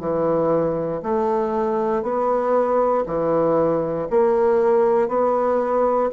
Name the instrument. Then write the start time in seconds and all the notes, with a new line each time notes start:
bassoon
0.00 E3
1.03 A3
2.02 B3
3.06 E3
4.10 A#3
5.08 B3